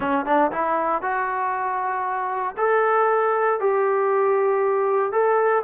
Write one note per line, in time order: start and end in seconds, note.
0.00 0.25 C#4
0.25 0.51 D4
0.51 1.01 E4
1.01 2.55 F#4
2.57 3.59 A4
3.60 5.11 G4
5.11 5.63 A4